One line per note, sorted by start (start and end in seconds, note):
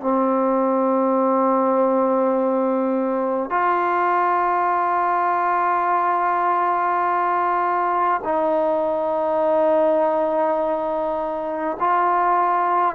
0.00 3.50 C4
3.50 8.21 F4
8.24 11.77 D#4
11.80 12.95 F4